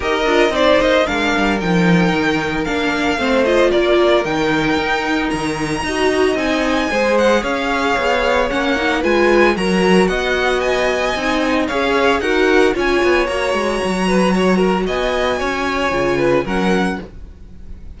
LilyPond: <<
  \new Staff \with { instrumentName = "violin" } { \time 4/4 \tempo 4 = 113 dis''4 d''8 dis''8 f''4 g''4~ | g''4 f''4. dis''8 d''4 | g''2 ais''2 | gis''4. fis''8 f''2 |
fis''4 gis''4 ais''4 fis''4 | gis''2 f''4 fis''4 | gis''4 ais''2. | gis''2. fis''4 | }
  \new Staff \with { instrumentName = "violin" } { \time 4/4 ais'4 c''4 ais'2~ | ais'2 c''4 ais'4~ | ais'2. dis''4~ | dis''4 c''4 cis''2~ |
cis''4 b'4 ais'4 dis''4~ | dis''2 cis''4 ais'4 | cis''2~ cis''8 b'8 cis''8 ais'8 | dis''4 cis''4. b'8 ais'4 | }
  \new Staff \with { instrumentName = "viola" } { \time 4/4 g'8 f'8 dis'4 d'4 dis'4~ | dis'4 d'4 c'8 f'4. | dis'2. fis'4 | dis'4 gis'2. |
cis'8 dis'8 f'4 fis'2~ | fis'4 dis'4 gis'4 fis'4 | f'4 fis'2.~ | fis'2 f'4 cis'4 | }
  \new Staff \with { instrumentName = "cello" } { \time 4/4 dis'8 d'8 c'8 ais8 gis8 g8 f4 | dis4 ais4 a4 ais4 | dis4 dis'4 dis4 dis'4 | c'4 gis4 cis'4 b4 |
ais4 gis4 fis4 b4~ | b4 c'4 cis'4 dis'4 | cis'8 b8 ais8 gis8 fis2 | b4 cis'4 cis4 fis4 | }
>>